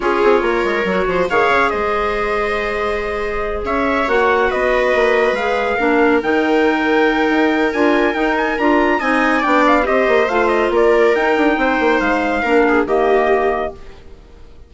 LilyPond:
<<
  \new Staff \with { instrumentName = "trumpet" } { \time 4/4 \tempo 4 = 140 cis''2. f''4 | dis''1~ | dis''8 e''4 fis''4 dis''4.~ | dis''8 f''2 g''4.~ |
g''2 gis''4 g''8 gis''8 | ais''4 gis''4 g''8 f''8 dis''4 | f''8 dis''8 d''4 g''2 | f''2 dis''2 | }
  \new Staff \with { instrumentName = "viola" } { \time 4/4 gis'4 ais'4. c''8 cis''4 | c''1~ | c''8 cis''2 b'4.~ | b'4. ais'2~ ais'8~ |
ais'1~ | ais'4 dis''4 d''4 c''4~ | c''4 ais'2 c''4~ | c''4 ais'8 gis'8 g'2 | }
  \new Staff \with { instrumentName = "clarinet" } { \time 4/4 f'2 fis'4 gis'4~ | gis'1~ | gis'4. fis'2~ fis'8~ | fis'8 gis'4 d'4 dis'4.~ |
dis'2 f'4 dis'4 | f'4 dis'4 d'4 g'4 | f'2 dis'2~ | dis'4 d'4 ais2 | }
  \new Staff \with { instrumentName = "bassoon" } { \time 4/4 cis'8 c'8 ais8 gis8 fis8 f8 dis8 cis8 | gis1~ | gis8 cis'4 ais4 b4 ais8~ | ais8 gis4 ais4 dis4.~ |
dis4 dis'4 d'4 dis'4 | d'4 c'4 b4 c'8 ais8 | a4 ais4 dis'8 d'8 c'8 ais8 | gis4 ais4 dis2 | }
>>